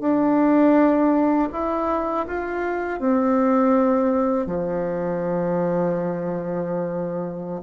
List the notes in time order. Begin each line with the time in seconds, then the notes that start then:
0.00 D4
1.52 E4
2.27 F4
2.99 C4
4.46 F3